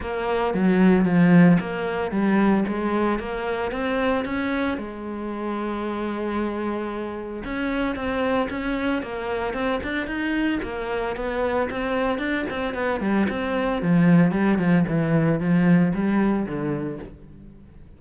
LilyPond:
\new Staff \with { instrumentName = "cello" } { \time 4/4 \tempo 4 = 113 ais4 fis4 f4 ais4 | g4 gis4 ais4 c'4 | cis'4 gis2.~ | gis2 cis'4 c'4 |
cis'4 ais4 c'8 d'8 dis'4 | ais4 b4 c'4 d'8 c'8 | b8 g8 c'4 f4 g8 f8 | e4 f4 g4 d4 | }